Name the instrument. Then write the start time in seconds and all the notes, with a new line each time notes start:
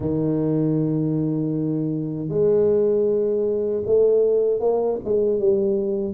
tuba
0.00 D#3
2.28 G#3
3.85 A3
4.59 A#3
5.04 G#3
5.39 G3